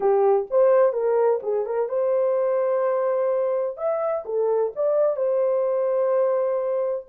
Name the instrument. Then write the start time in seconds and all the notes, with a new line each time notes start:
horn
0.00 G4
0.50 C5
0.92 A#4
1.42 G#4
1.66 A#4
1.88 C5
3.77 E5
4.25 A4
4.75 D5
5.16 C5